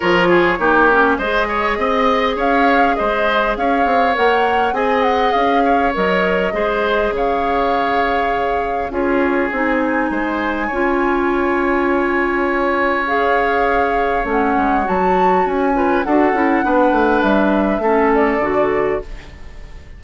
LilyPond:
<<
  \new Staff \with { instrumentName = "flute" } { \time 4/4 \tempo 4 = 101 cis''2 dis''2 | f''4 dis''4 f''4 fis''4 | gis''8 fis''8 f''4 dis''2 | f''2. cis''4 |
gis''1~ | gis''2 f''2 | fis''4 a''4 gis''4 fis''4~ | fis''4 e''4. d''4. | }
  \new Staff \with { instrumentName = "oboe" } { \time 4/4 ais'8 gis'8 g'4 c''8 cis''8 dis''4 | cis''4 c''4 cis''2 | dis''4. cis''4. c''4 | cis''2. gis'4~ |
gis'4 c''4 cis''2~ | cis''1~ | cis''2~ cis''8 b'8 a'4 | b'2 a'2 | }
  \new Staff \with { instrumentName = "clarinet" } { \time 4/4 f'4 dis'8 cis'8 gis'2~ | gis'2. ais'4 | gis'2 ais'4 gis'4~ | gis'2. f'4 |
dis'2 f'2~ | f'2 gis'2 | cis'4 fis'4. f'8 fis'8 e'8 | d'2 cis'4 fis'4 | }
  \new Staff \with { instrumentName = "bassoon" } { \time 4/4 f4 ais4 gis4 c'4 | cis'4 gis4 cis'8 c'8 ais4 | c'4 cis'4 fis4 gis4 | cis2. cis'4 |
c'4 gis4 cis'2~ | cis'1 | a8 gis8 fis4 cis'4 d'8 cis'8 | b8 a8 g4 a4 d4 | }
>>